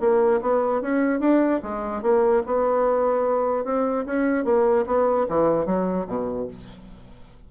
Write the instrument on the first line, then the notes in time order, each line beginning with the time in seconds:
bassoon
0.00 A#3
0.41 B3
0.81 C#4
1.20 D4
1.63 G#3
2.02 A#3
2.46 B3
3.65 C4
4.06 C#4
4.45 A#3
4.86 B3
5.29 E3
5.66 F#3
6.07 B2